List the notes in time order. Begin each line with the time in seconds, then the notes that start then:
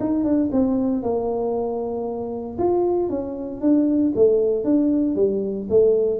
0.00 D#4
0.24 D4
0.52 C4
1.03 A#3
2.58 F4
3.10 C#4
3.61 D4
4.16 A3
4.64 D4
5.16 G3
5.70 A3